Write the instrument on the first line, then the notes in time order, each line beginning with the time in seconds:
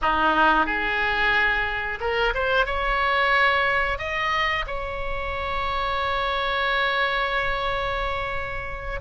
oboe
0.01 D#4
0.65 G#4
2.00 A#4
2.34 C5
2.65 C#5
3.98 D#5
4.67 C#5